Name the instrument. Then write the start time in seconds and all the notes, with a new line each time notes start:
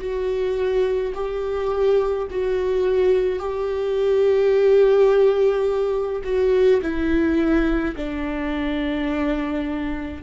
viola
0.00 F#4
1.14 G4
2.31 F#4
3.39 G4
6.24 F#4
6.82 E4
7.96 D4